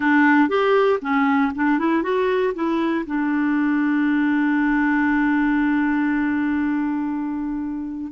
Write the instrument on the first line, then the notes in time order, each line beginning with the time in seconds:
clarinet
0.00 D4
0.48 G4
1.01 C#4
1.55 D4
1.78 E4
2.02 F#4
2.54 E4
3.06 D4